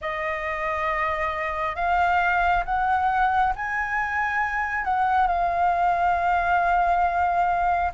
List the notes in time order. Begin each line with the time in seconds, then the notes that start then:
0.01 D#5
1.75 F5
2.65 F#5
3.55 G#5
4.84 F#5
5.27 F5